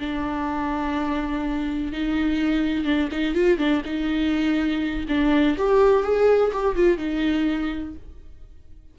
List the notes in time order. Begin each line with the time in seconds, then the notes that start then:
0.00 D4
1.92 D#4
2.85 D4
3.12 D#4
3.35 F4
3.58 D4
3.86 D#4
5.09 D4
5.58 G4
6.04 G#4
6.53 G4
6.76 F4
6.98 D#4